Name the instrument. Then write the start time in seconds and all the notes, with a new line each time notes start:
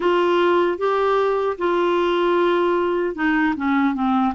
clarinet
0.00 F4
0.78 G4
1.58 F4
3.15 D#4
3.56 C#4
3.94 C4